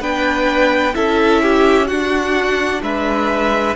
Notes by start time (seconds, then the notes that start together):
0.00 B3 D4 B4 G5
0.93 C#4 E4 A4 E5
1.42 G4
1.87 D4 F#4 F#5
2.82 G#3 B4 E5